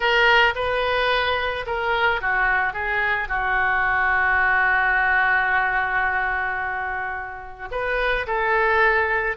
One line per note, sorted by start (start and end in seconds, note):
0.00 0.54 A#4
0.55 1.65 B4
1.66 2.21 A#4
2.21 2.73 F#4
2.73 3.28 G#4
3.28 7.68 F#4
7.71 8.26 B4
8.26 9.37 A4